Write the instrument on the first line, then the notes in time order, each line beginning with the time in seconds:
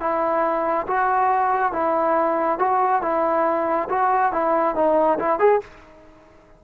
trombone
0.00 E4
0.87 F#4
1.72 E4
2.59 F#4
3.02 E4
3.89 F#4
4.32 E4
4.75 D#4
5.19 E4
5.39 G#4